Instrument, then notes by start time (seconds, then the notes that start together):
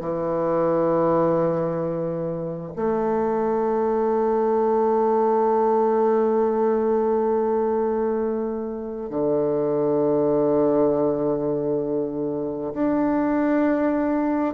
bassoon
0.00 E3
2.76 A3
9.10 D3
12.74 D4